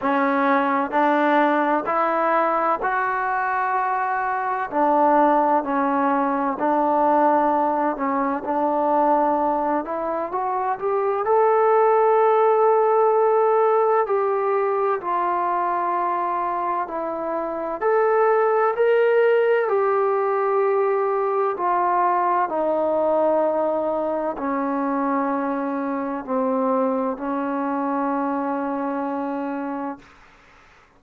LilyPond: \new Staff \with { instrumentName = "trombone" } { \time 4/4 \tempo 4 = 64 cis'4 d'4 e'4 fis'4~ | fis'4 d'4 cis'4 d'4~ | d'8 cis'8 d'4. e'8 fis'8 g'8 | a'2. g'4 |
f'2 e'4 a'4 | ais'4 g'2 f'4 | dis'2 cis'2 | c'4 cis'2. | }